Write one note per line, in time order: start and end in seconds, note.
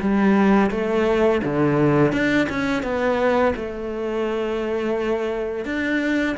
0.00 0.71 G3
0.71 1.41 A3
1.44 2.12 D3
2.12 2.48 D4
2.50 2.83 C#4
2.83 3.54 B3
3.56 5.65 A3
5.65 6.36 D4